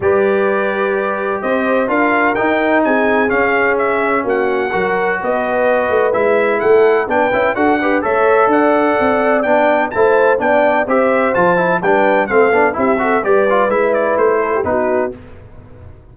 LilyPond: <<
  \new Staff \with { instrumentName = "trumpet" } { \time 4/4 \tempo 4 = 127 d''2. dis''4 | f''4 g''4 gis''4 f''4 | e''4 fis''2 dis''4~ | dis''4 e''4 fis''4 g''4 |
fis''4 e''4 fis''2 | g''4 a''4 g''4 e''4 | a''4 g''4 f''4 e''4 | d''4 e''8 d''8 c''4 b'4 | }
  \new Staff \with { instrumentName = "horn" } { \time 4/4 b'2. c''4 | ais'2 gis'2~ | gis'4 fis'4 ais'4 b'4~ | b'2 a'4 b'4 |
a'8 b'8 cis''4 d''2~ | d''4 c''4 d''4 c''4~ | c''4 b'4 a'4 g'8 a'8 | b'2~ b'8 a'16 g'16 fis'4 | }
  \new Staff \with { instrumentName = "trombone" } { \time 4/4 g'1 | f'4 dis'2 cis'4~ | cis'2 fis'2~ | fis'4 e'2 d'8 e'8 |
fis'8 g'8 a'2. | d'4 e'4 d'4 g'4 | f'8 e'8 d'4 c'8 d'8 e'8 fis'8 | g'8 f'8 e'2 dis'4 | }
  \new Staff \with { instrumentName = "tuba" } { \time 4/4 g2. c'4 | d'4 dis'4 c'4 cis'4~ | cis'4 ais4 fis4 b4~ | b8 a8 gis4 a4 b8 cis'8 |
d'4 a4 d'4 c'4 | b4 a4 b4 c'4 | f4 g4 a8 b8 c'4 | g4 gis4 a4 b4 | }
>>